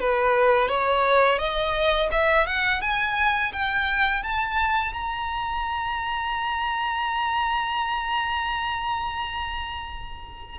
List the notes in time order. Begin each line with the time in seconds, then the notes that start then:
0.00 B4
0.69 C#5
1.39 D#5
2.11 E5
2.47 F#5
2.82 G#5
3.53 G5
4.23 A5
4.94 A#5